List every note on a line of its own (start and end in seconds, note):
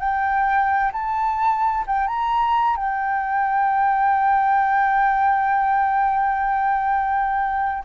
0.00 0.92 G5
0.93 1.85 A5
1.88 2.08 G5
2.08 2.77 A#5
2.77 7.85 G5